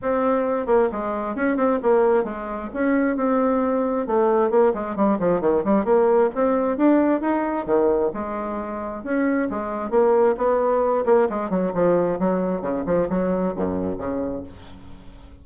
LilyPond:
\new Staff \with { instrumentName = "bassoon" } { \time 4/4 \tempo 4 = 133 c'4. ais8 gis4 cis'8 c'8 | ais4 gis4 cis'4 c'4~ | c'4 a4 ais8 gis8 g8 f8 | dis8 g8 ais4 c'4 d'4 |
dis'4 dis4 gis2 | cis'4 gis4 ais4 b4~ | b8 ais8 gis8 fis8 f4 fis4 | cis8 f8 fis4 fis,4 cis4 | }